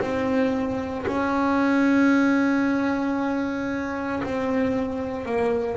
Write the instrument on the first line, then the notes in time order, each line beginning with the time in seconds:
double bass
0.00 C4
1.07 C#4
4.23 C4
5.25 A#3